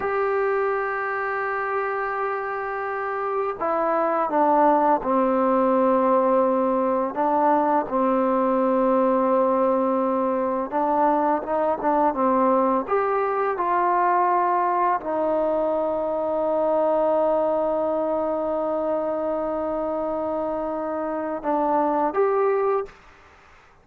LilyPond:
\new Staff \with { instrumentName = "trombone" } { \time 4/4 \tempo 4 = 84 g'1~ | g'4 e'4 d'4 c'4~ | c'2 d'4 c'4~ | c'2. d'4 |
dis'8 d'8 c'4 g'4 f'4~ | f'4 dis'2.~ | dis'1~ | dis'2 d'4 g'4 | }